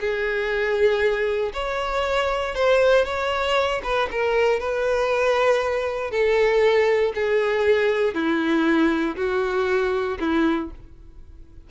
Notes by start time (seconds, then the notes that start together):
0.00 G#4
1.53 C#5
2.55 C5
3.05 C#5
3.84 B4
4.11 A#4
4.60 B4
6.11 A4
7.15 G#4
8.14 E4
9.17 F#4
10.19 E4